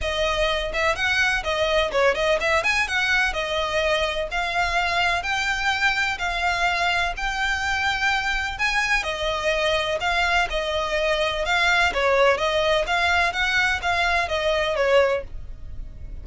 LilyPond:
\new Staff \with { instrumentName = "violin" } { \time 4/4 \tempo 4 = 126 dis''4. e''8 fis''4 dis''4 | cis''8 dis''8 e''8 gis''8 fis''4 dis''4~ | dis''4 f''2 g''4~ | g''4 f''2 g''4~ |
g''2 gis''4 dis''4~ | dis''4 f''4 dis''2 | f''4 cis''4 dis''4 f''4 | fis''4 f''4 dis''4 cis''4 | }